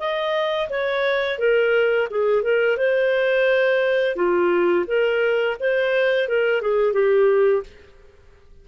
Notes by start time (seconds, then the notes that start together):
0.00 D#5
0.70 C#5
1.39 A#4
2.11 G#4
2.43 A#4
2.78 C5
4.16 F4
4.87 A#4
5.60 C5
6.29 A#4
6.62 G#4
6.94 G4